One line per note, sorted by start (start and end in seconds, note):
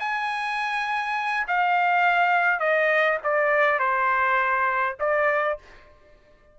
0.00 1.47 G#5
1.48 2.60 F5
2.60 3.18 D#5
3.24 3.79 D5
3.79 4.97 C5
5.00 5.59 D5